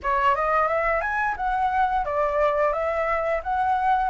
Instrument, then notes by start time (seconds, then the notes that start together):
flute
0.02 C#5
0.35 D#5
0.68 E5
1.01 G#5
1.36 F#5
2.05 D5
2.73 E5
3.43 F#5